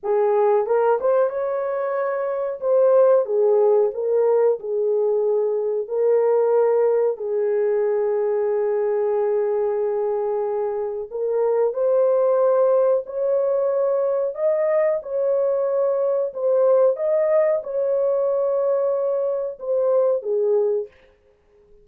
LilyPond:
\new Staff \with { instrumentName = "horn" } { \time 4/4 \tempo 4 = 92 gis'4 ais'8 c''8 cis''2 | c''4 gis'4 ais'4 gis'4~ | gis'4 ais'2 gis'4~ | gis'1~ |
gis'4 ais'4 c''2 | cis''2 dis''4 cis''4~ | cis''4 c''4 dis''4 cis''4~ | cis''2 c''4 gis'4 | }